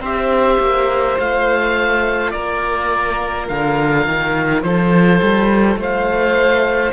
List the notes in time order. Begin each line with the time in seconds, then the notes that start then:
0.00 C4 G4 C5 E5
0.60 A#3
1.19 A3 F4 F5
2.31 A#3 A#4 D5
3.49 D3 F5
4.07 D#3
4.63 F3 A4 C5
5.22 G3
5.77 A3 C5 F5